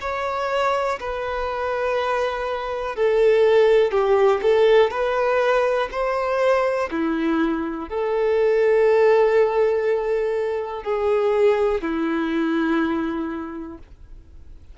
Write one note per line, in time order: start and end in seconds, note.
0.00 0.98 C#5
0.99 2.96 B4
2.96 3.91 A4
3.91 4.40 G4
4.42 4.90 A4
4.90 5.89 B4
5.91 6.89 C5
6.90 7.89 E4
7.89 10.83 A4
10.83 11.81 G#4
11.81 13.78 E4